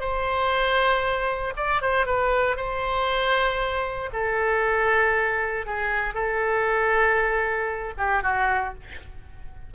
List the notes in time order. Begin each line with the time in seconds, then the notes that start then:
0.00 C5
1.56 D5
1.82 C5
2.06 B4
2.56 C5
4.13 A4
5.66 G#4
6.14 A4
7.98 G4
8.23 F#4